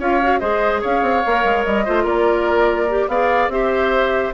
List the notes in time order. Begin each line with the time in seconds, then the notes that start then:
0.00 C#4 F4 C#5 F5
0.23 F#4
0.40 G#3 G#4 C5 D#5
0.82 C#4 C#5 F5
1.03 C4
1.27 A#3 A#4
1.45 G#3
1.64 G3 D#5
1.85 A3 F4 C5
2.04 A#3 A#4 D5
2.89 G4
3.08 B3 G#4 D5 F5
3.49 C4 G4 C5 E5